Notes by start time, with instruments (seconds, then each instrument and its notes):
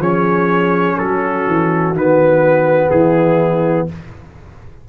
0.00 tuba F3, trombone C#4, horn G#4, trumpet C#5
0.99 tuba F#3, horn F#4, trumpet A4
1.48 tuba E3
1.93 tuba D#3, trombone B3, trumpet B4
2.91 tuba E3, horn E4, trumpet G#4